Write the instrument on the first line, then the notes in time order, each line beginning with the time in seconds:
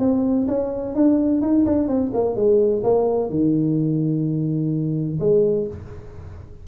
tuba
0.00 C4
0.48 C#4
0.96 D4
1.42 D#4
1.66 D4
1.88 C4
2.14 A#3
2.36 G#3
2.84 A#3
3.30 D#3
5.20 G#3